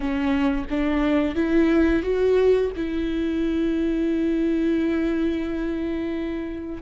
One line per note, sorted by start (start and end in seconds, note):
0.00 0.65 C#4
0.69 1.35 D4
1.35 2.02 E4
2.02 2.71 F#4
2.76 6.82 E4